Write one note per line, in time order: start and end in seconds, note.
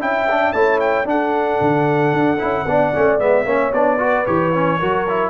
0.00 0.54 C#4
0.00 0.27 E4
0.00 0.55 E5
0.00 0.53 G5
0.31 0.55 D4
0.53 1.05 A3
0.53 1.05 E4
0.53 1.08 C#5
0.53 0.80 A5
0.81 1.07 G5
1.05 1.58 D4
1.05 2.38 D4
1.05 2.68 A4
1.05 3.20 F#5
1.61 2.13 D3
2.13 2.40 D4
2.39 2.66 C#4
2.39 2.66 E4
2.66 2.93 B3
2.66 2.94 D4
2.66 3.47 D5
2.94 3.20 A3
2.94 3.19 C#4
3.19 3.46 G#3
3.19 3.46 B3
3.19 3.73 E5
3.46 3.72 A#3
3.46 3.73 C#4
3.46 4.00 C#5
3.74 4.27 B3
3.74 3.99 D4
3.74 4.26 D5
3.99 4.26 F#4
3.99 4.80 B4
4.26 4.81 E3
4.26 4.53 G4
4.26 5.31 C#5
4.54 4.81 C#4
4.80 5.31 F#3
4.80 5.08 F#4
4.80 5.31 A#4
5.09 5.31 E4